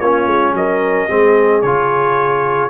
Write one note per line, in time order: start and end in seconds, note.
0.00 0.26 A#3
0.00 1.09 C#4
0.00 0.55 F4
0.00 0.54 C#5
0.26 0.53 G#3
0.53 1.07 F#3
0.53 1.09 A#4
0.53 1.62 D#5
1.09 1.63 G#3
1.09 1.63 C4
1.09 2.70 G#4
1.62 2.70 C#3
1.62 2.70 F4
1.62 2.70 C#5